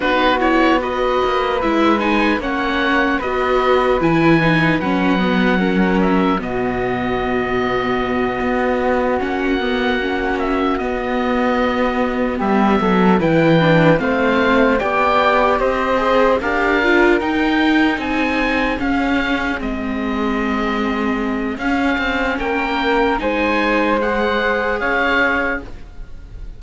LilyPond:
<<
  \new Staff \with { instrumentName = "oboe" } { \time 4/4 \tempo 4 = 75 b'8 cis''8 dis''4 e''8 gis''8 fis''4 | dis''4 gis''4 fis''4. e''8 | dis''2.~ dis''8 fis''8~ | fis''4 e''8 dis''2 e''8~ |
e''8 g''4 f''4 g''4 dis''8~ | dis''8 f''4 g''4 gis''4 f''8~ | f''8 dis''2~ dis''8 f''4 | g''4 gis''4 fis''4 f''4 | }
  \new Staff \with { instrumentName = "flute" } { \time 4/4 fis'4 b'2 cis''4 | b'2. ais'4 | fis'1~ | fis'2.~ fis'8 g'8 |
a'8 b'4 c''4 d''4 c''8~ | c''8 ais'2 gis'4.~ | gis'1 | ais'4 c''2 cis''4 | }
  \new Staff \with { instrumentName = "viola" } { \time 4/4 dis'8 e'8 fis'4 e'8 dis'8 cis'4 | fis'4 e'8 dis'8 cis'8 b8 cis'4 | b2.~ b8 cis'8 | b8 cis'4 b2~ b8~ |
b8 e'8 d'8 c'4 g'4. | gis'8 g'8 f'8 dis'2 cis'8~ | cis'8 c'2~ c'8 cis'4~ | cis'4 dis'4 gis'2 | }
  \new Staff \with { instrumentName = "cello" } { \time 4/4 b4. ais8 gis4 ais4 | b4 e4 fis2 | b,2~ b,8 b4 ais8~ | ais4. b2 g8 |
fis8 e4 a4 b4 c'8~ | c'8 d'4 dis'4 c'4 cis'8~ | cis'8 gis2~ gis8 cis'8 c'8 | ais4 gis2 cis'4 | }
>>